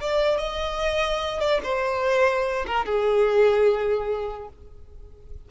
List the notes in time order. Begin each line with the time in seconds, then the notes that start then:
0.00 D5
0.38 D#5
1.40 D5
1.63 C5
2.66 A#4
2.85 G#4